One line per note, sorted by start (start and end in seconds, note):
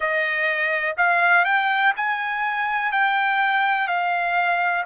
0.00 0.95 D#5
0.97 1.44 F5
1.44 1.93 G5
1.96 2.92 G#5
2.92 3.87 G5
3.87 4.84 F5